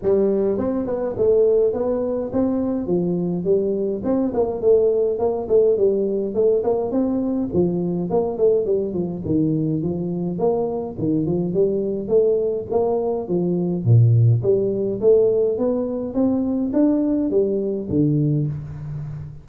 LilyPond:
\new Staff \with { instrumentName = "tuba" } { \time 4/4 \tempo 4 = 104 g4 c'8 b8 a4 b4 | c'4 f4 g4 c'8 ais8 | a4 ais8 a8 g4 a8 ais8 | c'4 f4 ais8 a8 g8 f8 |
dis4 f4 ais4 dis8 f8 | g4 a4 ais4 f4 | ais,4 g4 a4 b4 | c'4 d'4 g4 d4 | }